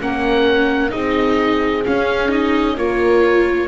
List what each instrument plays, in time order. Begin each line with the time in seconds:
0.00 double bass A#3, viola C#4, horn A#4, oboe F#5
0.89 double bass C4, viola D#4, horn G#4, oboe D#5
1.86 viola C#4, double bass C#4, oboe F5
2.28 viola D#4, oboe D#5
2.76 double bass A#3, viola F4, horn A#4, oboe C#5